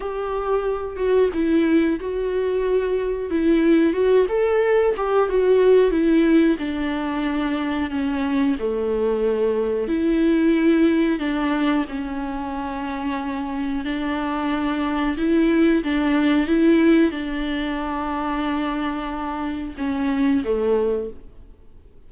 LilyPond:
\new Staff \with { instrumentName = "viola" } { \time 4/4 \tempo 4 = 91 g'4. fis'8 e'4 fis'4~ | fis'4 e'4 fis'8 a'4 g'8 | fis'4 e'4 d'2 | cis'4 a2 e'4~ |
e'4 d'4 cis'2~ | cis'4 d'2 e'4 | d'4 e'4 d'2~ | d'2 cis'4 a4 | }